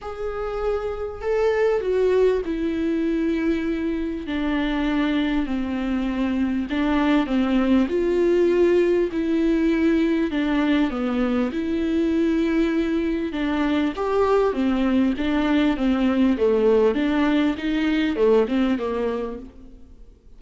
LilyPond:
\new Staff \with { instrumentName = "viola" } { \time 4/4 \tempo 4 = 99 gis'2 a'4 fis'4 | e'2. d'4~ | d'4 c'2 d'4 | c'4 f'2 e'4~ |
e'4 d'4 b4 e'4~ | e'2 d'4 g'4 | c'4 d'4 c'4 a4 | d'4 dis'4 a8 c'8 ais4 | }